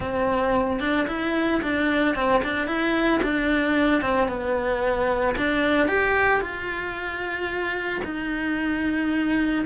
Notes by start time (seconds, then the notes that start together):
0.00 C4
0.80 D4
1.07 E4
1.62 D4
2.15 C4
2.43 D4
2.67 E4
3.23 D4
4.01 C4
4.28 B3
5.37 D4
5.88 G4
6.40 F4
8.04 D#4